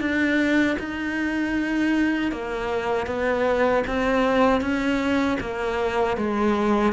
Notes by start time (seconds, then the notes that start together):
0.00 D4
0.79 D#4
2.31 A#3
3.06 B3
3.87 C4
4.61 C#4
5.40 A#3
6.17 G#3